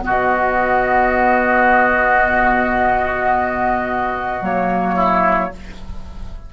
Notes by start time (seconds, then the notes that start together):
0.00 B3 F#4
0.06 B2 D#5
4.41 F#3 A#3 C#5
4.95 E4